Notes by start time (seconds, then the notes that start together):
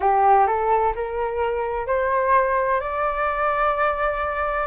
0.00 G4
0.46 A4
0.95 A#4
1.87 C5
2.80 D5